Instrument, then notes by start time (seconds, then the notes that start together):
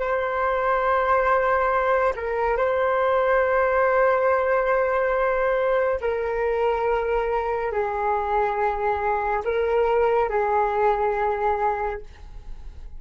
flute
0.00 C5
2.16 A#4
2.58 C5
6.02 A#4
7.72 G#4
9.45 A#4
10.30 G#4